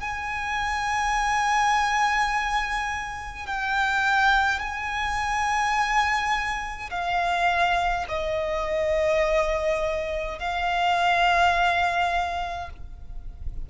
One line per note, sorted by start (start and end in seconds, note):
0.00 3.46 G#5
3.47 4.59 G5
4.59 6.90 G#5
6.90 8.06 F5
8.08 10.38 D#5
10.38 12.69 F5